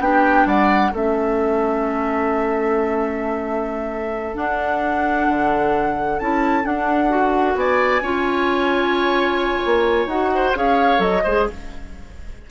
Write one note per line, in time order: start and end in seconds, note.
0.00 0.46 B3
0.00 0.93 D4
0.00 0.48 G4
0.00 0.47 G5
0.46 0.92 G3
0.46 0.92 D5
0.46 0.94 F#5
0.92 4.36 A3
0.92 4.35 C#4
0.92 7.56 A4
0.92 4.36 E5
4.35 6.18 D4
4.35 5.28 D4
4.35 6.20 F#5
5.29 6.20 D3
6.20 6.65 C#4
6.20 6.63 E4
6.20 6.66 A5
6.63 7.09 D4
6.63 7.56 D4
6.63 7.57 F#5
7.09 8.01 F#4
7.56 8.02 B3
7.56 8.03 D5
7.56 10.09 G#5
8.02 9.62 C#4
8.02 10.10 F4
8.02 10.32 C#5
9.66 10.07 A#3
10.07 10.52 D#4
10.07 10.55 F#4
10.07 10.54 F#5
10.35 10.58 C5
10.55 10.99 C#4
10.55 10.98 G#4
10.55 11.24 C#5
10.55 11.02 F5
10.98 11.22 F#3
10.98 11.20 A4
10.98 11.48 D#5
11.24 11.50 G#3
11.24 11.51 G#4
11.24 11.47 C5